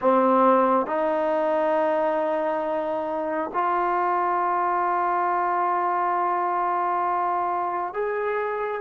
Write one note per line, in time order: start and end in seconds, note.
0.01 0.86 C4
0.86 3.51 D#4
3.53 7.93 F4
7.93 8.80 G#4